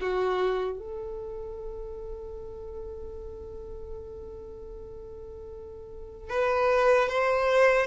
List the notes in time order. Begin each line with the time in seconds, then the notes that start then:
0.00 F#4
0.79 A4
6.29 B4
7.08 C5